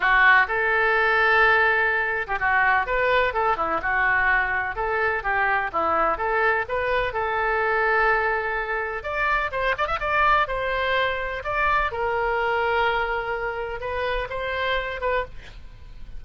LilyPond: \new Staff \with { instrumentName = "oboe" } { \time 4/4 \tempo 4 = 126 fis'4 a'2.~ | a'8. g'16 fis'4 b'4 a'8 e'8 | fis'2 a'4 g'4 | e'4 a'4 b'4 a'4~ |
a'2. d''4 | c''8 d''16 e''16 d''4 c''2 | d''4 ais'2.~ | ais'4 b'4 c''4. b'8 | }